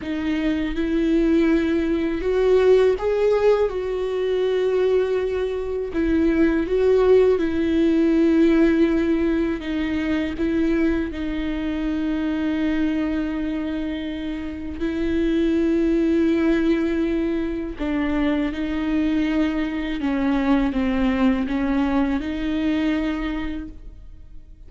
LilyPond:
\new Staff \with { instrumentName = "viola" } { \time 4/4 \tempo 4 = 81 dis'4 e'2 fis'4 | gis'4 fis'2. | e'4 fis'4 e'2~ | e'4 dis'4 e'4 dis'4~ |
dis'1 | e'1 | d'4 dis'2 cis'4 | c'4 cis'4 dis'2 | }